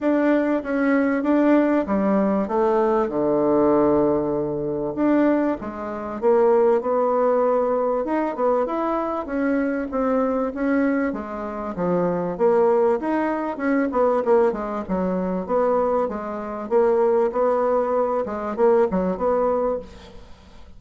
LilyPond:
\new Staff \with { instrumentName = "bassoon" } { \time 4/4 \tempo 4 = 97 d'4 cis'4 d'4 g4 | a4 d2. | d'4 gis4 ais4 b4~ | b4 dis'8 b8 e'4 cis'4 |
c'4 cis'4 gis4 f4 | ais4 dis'4 cis'8 b8 ais8 gis8 | fis4 b4 gis4 ais4 | b4. gis8 ais8 fis8 b4 | }